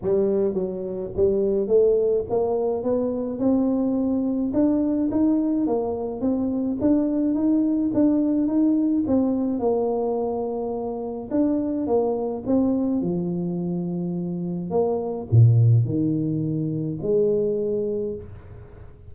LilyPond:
\new Staff \with { instrumentName = "tuba" } { \time 4/4 \tempo 4 = 106 g4 fis4 g4 a4 | ais4 b4 c'2 | d'4 dis'4 ais4 c'4 | d'4 dis'4 d'4 dis'4 |
c'4 ais2. | d'4 ais4 c'4 f4~ | f2 ais4 ais,4 | dis2 gis2 | }